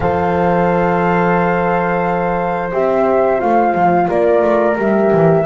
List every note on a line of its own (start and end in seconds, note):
0.00 2.72 F3
0.00 2.72 A4
0.00 4.08 C5
0.00 2.69 F5
2.72 3.41 C4
2.72 3.39 G4
2.72 3.40 E5
3.39 3.74 A3
3.39 4.75 F4
3.39 4.08 F5
3.74 4.08 F3
4.08 4.41 A#3
4.08 5.44 A#4
4.08 4.77 D5
4.41 4.75 A3
4.77 5.11 G3
4.77 5.45 G4
4.77 5.46 E5
5.12 5.46 E3